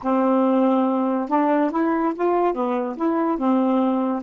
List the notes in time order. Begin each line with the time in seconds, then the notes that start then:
0.02 C4
1.28 D4
1.71 E4
2.15 F4
2.54 B3
2.96 E4
3.38 C4